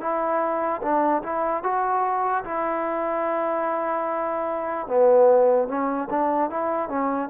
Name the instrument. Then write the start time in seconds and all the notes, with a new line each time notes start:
trombone
0.00 E4
0.81 D4
1.22 E4
1.63 F#4
2.44 E4
4.87 B3
5.68 C#4
6.10 D4
6.50 E4
6.88 C#4